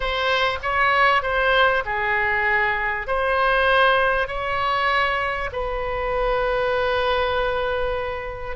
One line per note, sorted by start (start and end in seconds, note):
0.00 0.58 C5
0.62 1.22 C#5
1.22 1.83 C5
1.85 3.07 G#4
3.07 4.27 C5
4.27 5.50 C#5
5.52 8.56 B4